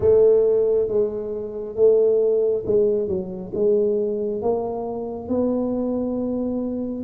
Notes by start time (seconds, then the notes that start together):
0.00 A3
0.87 G#3
1.75 A3
2.66 G#3
3.08 F#3
3.54 G#3
4.42 A#3
5.28 B3